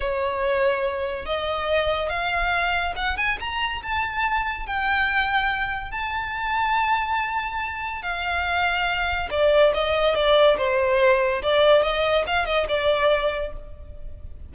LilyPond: \new Staff \with { instrumentName = "violin" } { \time 4/4 \tempo 4 = 142 cis''2. dis''4~ | dis''4 f''2 fis''8 gis''8 | ais''4 a''2 g''4~ | g''2 a''2~ |
a''2. f''4~ | f''2 d''4 dis''4 | d''4 c''2 d''4 | dis''4 f''8 dis''8 d''2 | }